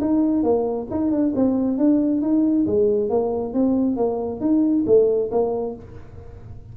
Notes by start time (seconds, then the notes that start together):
0.00 D#4
0.43 A#3
0.90 D#4
1.11 D4
1.35 C4
1.77 D4
2.21 D#4
2.66 G#3
3.09 A#3
3.53 C4
3.96 A#3
4.40 D#4
4.86 A3
5.31 A#3